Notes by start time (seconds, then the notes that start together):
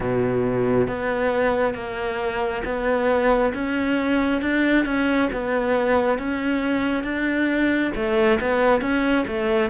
0.00 B2
0.87 B3
1.74 A#3
2.64 B3
3.53 C#4
4.41 D4
4.85 C#4
5.32 B3
6.18 C#4
7.03 D4
7.95 A3
8.40 B3
8.81 C#4
9.27 A3